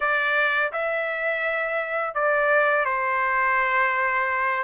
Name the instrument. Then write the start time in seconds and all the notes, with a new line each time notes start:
trumpet
0.00 D5
0.72 E5
2.14 D5
2.85 C5